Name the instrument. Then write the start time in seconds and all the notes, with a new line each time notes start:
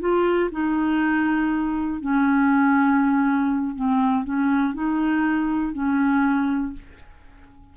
clarinet
0.00 F4
0.52 D#4
2.01 C#4
3.76 C4
4.25 C#4
4.74 D#4
5.73 C#4